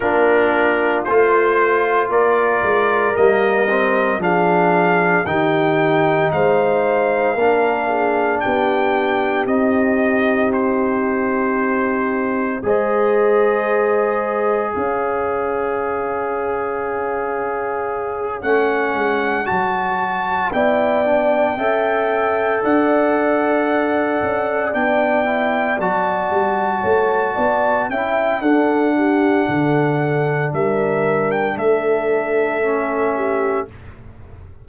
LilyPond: <<
  \new Staff \with { instrumentName = "trumpet" } { \time 4/4 \tempo 4 = 57 ais'4 c''4 d''4 dis''4 | f''4 g''4 f''2 | g''4 dis''4 c''2 | dis''2 f''2~ |
f''4. fis''4 a''4 g''8~ | g''4. fis''2 g''8~ | g''8 a''2 g''8 fis''4~ | fis''4 e''8. g''16 e''2 | }
  \new Staff \with { instrumentName = "horn" } { \time 4/4 f'2 ais'2 | gis'4 g'4 c''4 ais'8 gis'8 | g'1 | c''2 cis''2~ |
cis''2.~ cis''8 d''8~ | d''8 e''4 d''2~ d''8~ | d''4. cis''8 d''8 e''8 a'8 g'8 | a'4 ais'4 a'4. g'8 | }
  \new Staff \with { instrumentName = "trombone" } { \time 4/4 d'4 f'2 ais8 c'8 | d'4 dis'2 d'4~ | d'4 dis'2. | gis'1~ |
gis'4. cis'4 fis'4 e'8 | d'8 a'2. d'8 | e'8 fis'2 e'8 d'4~ | d'2. cis'4 | }
  \new Staff \with { instrumentName = "tuba" } { \time 4/4 ais4 a4 ais8 gis8 g4 | f4 dis4 gis4 ais4 | b4 c'2. | gis2 cis'2~ |
cis'4. a8 gis8 fis4 b8~ | b8 cis'4 d'4. cis'8 b8~ | b8 fis8 g8 a8 b8 cis'8 d'4 | d4 g4 a2 | }
>>